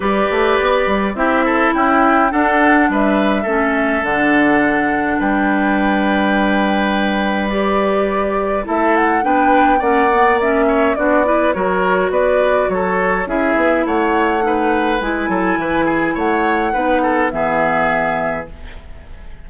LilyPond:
<<
  \new Staff \with { instrumentName = "flute" } { \time 4/4 \tempo 4 = 104 d''2 e''4 g''4 | fis''4 e''2 fis''4~ | fis''4 g''2.~ | g''4 d''2 e''8 fis''8 |
g''4 fis''4 e''4 d''4 | cis''4 d''4 cis''4 e''4 | fis''2 gis''2 | fis''2 e''2 | }
  \new Staff \with { instrumentName = "oboe" } { \time 4/4 b'2 g'8 a'8 e'4 | a'4 b'4 a'2~ | a'4 b'2.~ | b'2. a'4 |
b'4 d''4. cis''8 fis'8 b'8 | ais'4 b'4 a'4 gis'4 | cis''4 b'4. a'8 b'8 gis'8 | cis''4 b'8 a'8 gis'2 | }
  \new Staff \with { instrumentName = "clarinet" } { \time 4/4 g'2 e'2 | d'2 cis'4 d'4~ | d'1~ | d'4 g'2 e'4 |
d'4 cis'8 b8 cis'4 d'8 e'8 | fis'2. e'4~ | e'4 dis'4 e'2~ | e'4 dis'4 b2 | }
  \new Staff \with { instrumentName = "bassoon" } { \time 4/4 g8 a8 b8 g8 c'4 cis'4 | d'4 g4 a4 d4~ | d4 g2.~ | g2. a4 |
b4 ais2 b4 | fis4 b4 fis4 cis'8 b8 | a2 gis8 fis8 e4 | a4 b4 e2 | }
>>